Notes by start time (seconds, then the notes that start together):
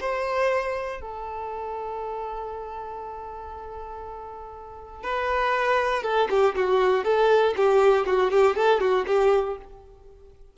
0.00 C5
1.01 A4
5.03 B4
6.03 A4
6.30 G4
6.55 F#4
7.04 A4
7.56 G4
8.06 F#4
8.31 G4
8.56 A4
8.80 F#4
9.06 G4